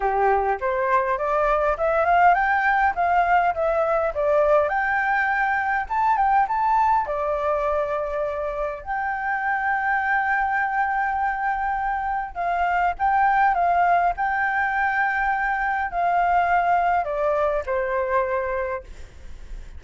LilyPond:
\new Staff \with { instrumentName = "flute" } { \time 4/4 \tempo 4 = 102 g'4 c''4 d''4 e''8 f''8 | g''4 f''4 e''4 d''4 | g''2 a''8 g''8 a''4 | d''2. g''4~ |
g''1~ | g''4 f''4 g''4 f''4 | g''2. f''4~ | f''4 d''4 c''2 | }